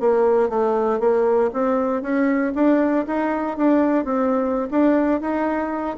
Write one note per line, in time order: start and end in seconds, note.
0.00 0.49 A#3
0.49 1.00 A3
1.00 1.51 A#3
1.53 2.02 C4
2.02 2.53 C#4
2.55 3.06 D4
3.07 3.58 D#4
3.58 4.05 D4
4.05 4.68 C4
4.71 5.21 D4
5.21 5.97 D#4